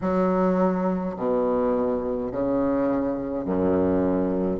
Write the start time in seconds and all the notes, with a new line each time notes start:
0.01 F#3
1.16 B2
2.31 C#3
3.45 F#2